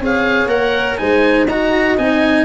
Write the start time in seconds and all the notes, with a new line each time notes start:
0.00 C4 G#4 C#5 F5
0.46 A#3 A#4 F#5
0.97 G#3 D#4 C5 G#5
1.45 D#4 F#4 D#5 A#5
1.98 C4 D#4 G#5